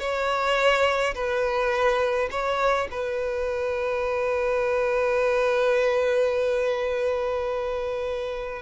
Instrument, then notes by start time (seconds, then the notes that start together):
violin
0.00 C#5
1.15 B4
2.31 C#5
2.91 B4